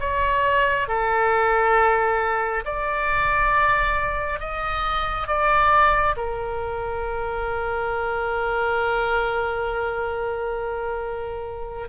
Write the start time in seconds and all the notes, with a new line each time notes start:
0.00 C#5
0.88 A4
2.65 D5
4.40 D#5
5.28 D5
6.17 A#4